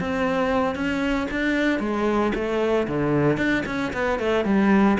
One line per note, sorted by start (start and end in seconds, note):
0.00 0.75 C4
0.75 1.28 C#4
1.31 1.80 D4
1.80 2.32 G#3
2.35 2.87 A3
2.88 3.37 D3
3.37 3.63 D4
3.66 3.93 C#4
3.93 4.19 B3
4.19 4.45 A3
4.45 4.98 G3